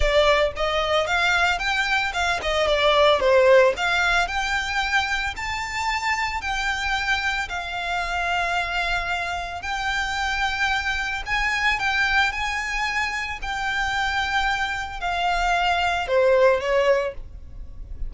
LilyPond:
\new Staff \with { instrumentName = "violin" } { \time 4/4 \tempo 4 = 112 d''4 dis''4 f''4 g''4 | f''8 dis''8 d''4 c''4 f''4 | g''2 a''2 | g''2 f''2~ |
f''2 g''2~ | g''4 gis''4 g''4 gis''4~ | gis''4 g''2. | f''2 c''4 cis''4 | }